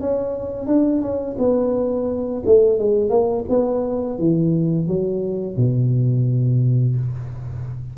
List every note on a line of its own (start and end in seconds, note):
0.00 0.66 C#4
0.66 1.01 D4
1.01 1.36 C#4
1.38 2.43 B3
2.46 2.78 A3
2.78 3.10 G#3
3.10 3.45 A#3
3.49 4.19 B3
4.19 4.87 E3
4.87 5.56 F#3
5.56 6.96 B2